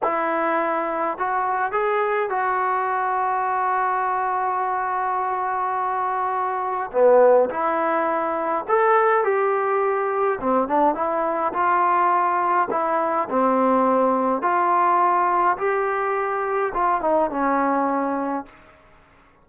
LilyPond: \new Staff \with { instrumentName = "trombone" } { \time 4/4 \tempo 4 = 104 e'2 fis'4 gis'4 | fis'1~ | fis'1 | b4 e'2 a'4 |
g'2 c'8 d'8 e'4 | f'2 e'4 c'4~ | c'4 f'2 g'4~ | g'4 f'8 dis'8 cis'2 | }